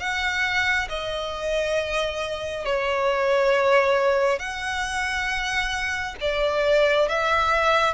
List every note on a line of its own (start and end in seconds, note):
0.00 0.88 F#5
0.89 2.66 D#5
2.66 4.39 C#5
4.39 6.16 F#5
6.21 7.09 D5
7.09 7.94 E5